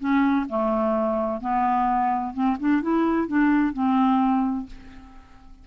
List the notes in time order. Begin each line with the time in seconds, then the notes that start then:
0.00 C#4
0.49 A3
1.41 B3
2.34 C4
2.60 D4
2.82 E4
3.28 D4
3.74 C4